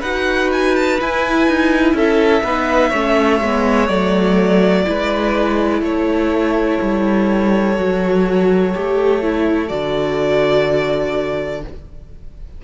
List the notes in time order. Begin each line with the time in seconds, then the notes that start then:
0.00 D#4 F#4 B4 F#5
0.52 G#5
0.76 A5
1.00 E4 G#5
1.48 D#4
1.93 C#4 A4 E5
2.43 B3 D#4 B4
2.89 A3 C#4 C#5
3.41 G#3 B3
3.88 F#3 A3 D5
4.85 G#3 E4 B4
5.81 A3 A4 C#5
6.81 G3
7.76 F#3 F#4
8.74 A3 G4
9.22 E4
9.68 D3 F#4 D5